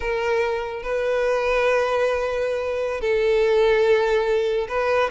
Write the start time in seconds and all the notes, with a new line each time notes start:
0.00 A#4
0.82 B4
3.00 A4
4.68 B4